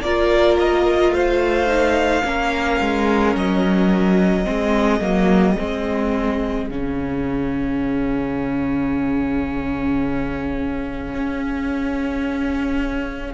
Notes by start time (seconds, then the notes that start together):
0.00 A#3 F4 A#4 D5
0.58 D#5
1.10 A3 C5 F5
1.66 D#4
2.23 A#3 C#4 A#4
2.80 G#3
3.35 F#3 D#5
4.44 G#3 C4 G#4
5.00 F#3 A#3
5.58 G#3 C4
6.69 C#3 C#4 F5
11.14 C#4